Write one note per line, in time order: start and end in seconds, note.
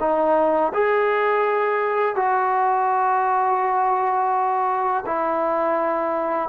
0.00 0.72 D#4
0.74 2.16 G#4
2.16 5.05 F#4
5.06 6.49 E4